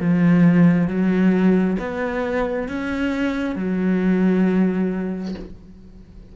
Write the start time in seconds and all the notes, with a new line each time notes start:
0.00 F3
0.88 F#3
1.79 B3
2.68 C#4
3.56 F#3